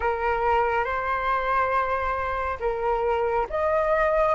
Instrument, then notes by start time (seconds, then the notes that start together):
flute
0.00 A#4
0.84 C5
2.59 A#4
3.49 D#5